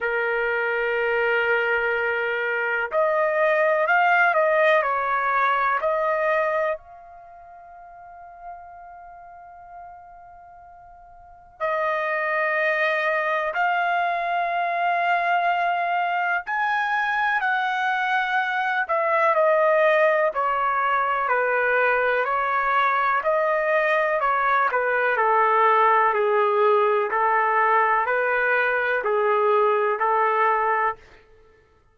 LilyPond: \new Staff \with { instrumentName = "trumpet" } { \time 4/4 \tempo 4 = 62 ais'2. dis''4 | f''8 dis''8 cis''4 dis''4 f''4~ | f''1 | dis''2 f''2~ |
f''4 gis''4 fis''4. e''8 | dis''4 cis''4 b'4 cis''4 | dis''4 cis''8 b'8 a'4 gis'4 | a'4 b'4 gis'4 a'4 | }